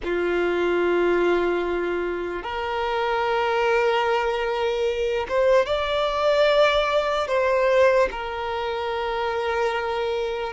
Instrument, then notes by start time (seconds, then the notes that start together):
violin
0.04 F4
2.43 A#4
5.29 C5
5.66 D5
7.27 C5
8.11 A#4